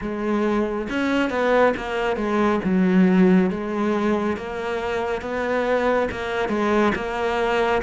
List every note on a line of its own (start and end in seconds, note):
0.01 0.88 G#3
0.89 1.30 C#4
1.30 1.73 B3
1.76 2.16 A#3
2.16 2.60 G#3
2.63 3.50 F#3
3.50 4.37 G#3
4.37 5.21 A#3
5.21 6.08 B3
6.11 6.49 A#3
6.49 6.92 G#3
6.95 7.82 A#3